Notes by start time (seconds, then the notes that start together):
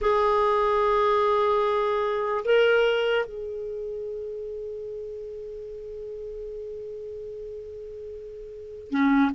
0.01 G#4
2.44 A#4
3.25 G#4
8.90 C#4